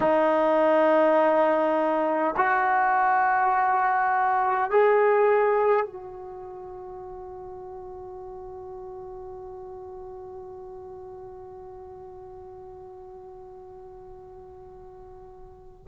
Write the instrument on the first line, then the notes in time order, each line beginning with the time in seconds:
trombone
0.00 D#4
2.36 F#4
4.71 G#4
5.86 F#4